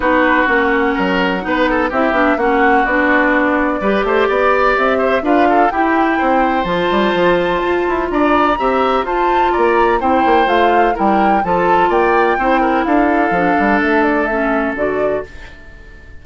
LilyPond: <<
  \new Staff \with { instrumentName = "flute" } { \time 4/4 \tempo 4 = 126 b'4 fis''2. | e''4 fis''4 d''2~ | d''2 e''4 f''4 | g''2 a''2~ |
a''4 ais''2 a''4 | ais''4 g''4 f''4 g''4 | a''4 g''2 f''4~ | f''4 e''8 d''8 e''4 d''4 | }
  \new Staff \with { instrumentName = "oboe" } { \time 4/4 fis'2 ais'4 b'8 a'8 | g'4 fis'2. | b'8 c''8 d''4. c''8 b'8 a'8 | g'4 c''2.~ |
c''4 d''4 e''4 c''4 | d''4 c''2 ais'4 | a'4 d''4 c''8 ais'8 a'4~ | a'1 | }
  \new Staff \with { instrumentName = "clarinet" } { \time 4/4 dis'4 cis'2 dis'4 | e'8 d'8 cis'4 d'2 | g'2. f'4 | e'2 f'2~ |
f'2 g'4 f'4~ | f'4 e'4 f'4 e'4 | f'2 e'2 | d'2 cis'4 fis'4 | }
  \new Staff \with { instrumentName = "bassoon" } { \time 4/4 b4 ais4 fis4 b4 | c'8 b8 ais4 b2 | g8 a8 b4 c'4 d'4 | e'4 c'4 f8 g8 f4 |
f'8 e'8 d'4 c'4 f'4 | ais4 c'8 ais8 a4 g4 | f4 ais4 c'4 d'4 | f8 g8 a2 d4 | }
>>